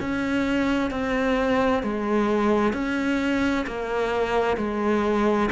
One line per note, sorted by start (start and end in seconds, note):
0.00 0.91 C#4
0.91 1.83 C4
1.83 2.73 G#3
2.73 3.65 C#4
3.67 4.57 A#3
4.57 5.49 G#3